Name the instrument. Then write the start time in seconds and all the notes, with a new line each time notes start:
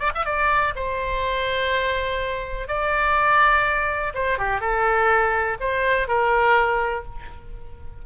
oboe
0.00 D5
0.15 E5
0.26 D5
0.76 C5
2.68 D5
4.15 C5
4.39 G4
4.61 A4
5.60 C5
6.08 A#4